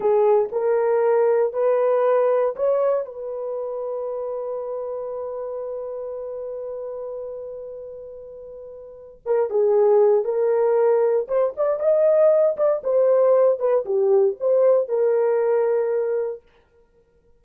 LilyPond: \new Staff \with { instrumentName = "horn" } { \time 4/4 \tempo 4 = 117 gis'4 ais'2 b'4~ | b'4 cis''4 b'2~ | b'1~ | b'1~ |
b'2 ais'8 gis'4. | ais'2 c''8 d''8 dis''4~ | dis''8 d''8 c''4. b'8 g'4 | c''4 ais'2. | }